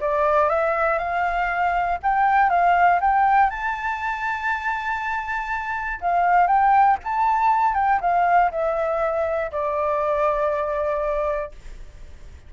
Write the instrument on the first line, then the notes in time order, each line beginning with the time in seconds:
flute
0.00 D5
0.49 E5
0.98 F5
2.02 G5
2.49 F5
3.00 G5
3.50 A5
6.00 F5
6.47 G5
7.03 A5
7.74 G5
8.00 F5
8.51 E5
9.51 D5